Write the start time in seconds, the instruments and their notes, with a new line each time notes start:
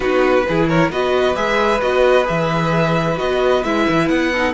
0.00 cello B3, viola D#4, violin F#4 B4
0.48 cello E3, viola E4, violin G#4
0.68 violin A#4 C#5
0.90 cello B3, viola F#4, violin B4 D#5
1.35 cello G#3, viola G#4, violin E5
1.81 cello B3, viola F#4, violin D#5
2.23 cello E3, viola G#4, violin E5
3.16 cello B3, viola F#4, violin D#5
3.63 cello G#3, viola E4, violin E5
3.88 cello E3
4.08 cello B3, violin F#5
4.32 viola D#4, violin A4